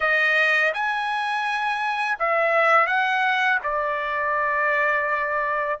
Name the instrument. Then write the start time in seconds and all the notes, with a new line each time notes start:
trumpet
0.00 D#5
0.73 G#5
2.19 E5
2.86 F#5
3.63 D5